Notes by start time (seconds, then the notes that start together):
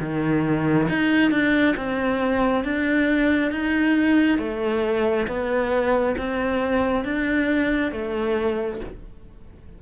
0.00 D#3
0.89 D#4
1.31 D4
1.77 C4
2.65 D4
3.52 D#4
4.39 A3
5.27 B3
6.18 C4
7.05 D4
7.92 A3